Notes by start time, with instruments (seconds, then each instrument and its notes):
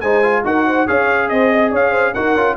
0.00 tuba G#3, trombone D#4, horn C5, trumpet G#5
0.23 trombone F4
0.44 tuba D#4, trombone F#4, horn A#4, trumpet F#5
0.66 horn C5
0.87 tuba C#4, trombone G#4, horn C#5, trumpet F5
1.29 tuba C4, horn C5, trumpet D#5
1.52 horn D#5
1.72 tuba C#4, horn C#5, trumpet F5
1.90 horn C5
2.14 tuba D#4, trombone F#4, horn A#4, trumpet F#5
2.34 tuba C#4, trombone F4